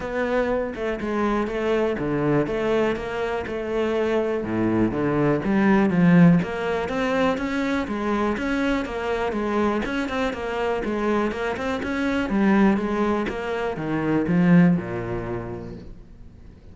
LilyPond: \new Staff \with { instrumentName = "cello" } { \time 4/4 \tempo 4 = 122 b4. a8 gis4 a4 | d4 a4 ais4 a4~ | a4 a,4 d4 g4 | f4 ais4 c'4 cis'4 |
gis4 cis'4 ais4 gis4 | cis'8 c'8 ais4 gis4 ais8 c'8 | cis'4 g4 gis4 ais4 | dis4 f4 ais,2 | }